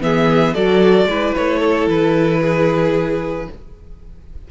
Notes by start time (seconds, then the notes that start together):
0.00 E3 B3 G#4 E5
0.54 F#3 F#4 A4 D5
1.05 G#3 E4 B4
1.35 A3 C#5
1.60 A4
1.87 E3 B4
2.41 G#4